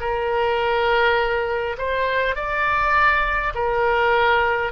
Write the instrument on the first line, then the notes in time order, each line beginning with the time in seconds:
oboe
0.00 A#4
1.78 C5
2.35 D5
3.55 A#4